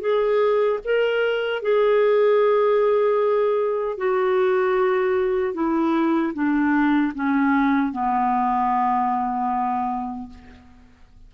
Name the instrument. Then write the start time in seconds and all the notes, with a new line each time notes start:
clarinet
0.00 G#4
0.84 A#4
1.62 G#4
3.97 F#4
5.54 E4
6.33 D4
7.14 C#4
7.92 B3